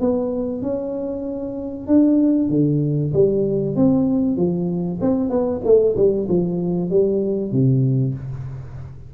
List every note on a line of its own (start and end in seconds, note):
0.00 0.62 B3
0.62 1.87 C#4
1.87 2.49 D4
2.49 3.12 D3
3.13 3.76 G3
3.76 4.36 C4
4.36 4.99 F3
5.01 5.30 C4
5.30 5.61 B3
5.64 5.95 A3
5.96 6.27 G3
6.28 6.90 F3
6.90 7.51 G3
7.51 8.14 C3